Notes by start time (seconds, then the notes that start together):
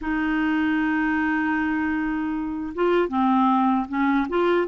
0.01 D#4
2.74 F4
3.08 C4
3.88 C#4
4.28 F4